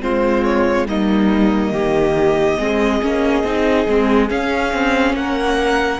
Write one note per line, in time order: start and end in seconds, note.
0.00 0.87 G#3
0.00 0.86 C4
0.00 0.88 F4
0.00 0.44 C5
0.44 0.87 C#5
0.87 1.72 G3
0.87 2.59 A#3
0.87 1.73 D#4
0.87 4.30 D#5
1.72 2.57 D#3
1.72 2.59 G4
2.59 3.02 G#3
2.59 3.02 C4
2.59 5.16 G#4
3.02 3.44 A#3
3.02 3.45 C#4
3.44 3.87 C4
3.44 3.88 D#4
3.88 4.31 G#3
3.88 4.29 C4
4.29 6.00 C#4
4.29 4.74 C#4
4.29 5.16 F5
4.74 5.14 C4
5.14 5.99 A#3
5.14 6.00 A#4
5.14 6.00 F#5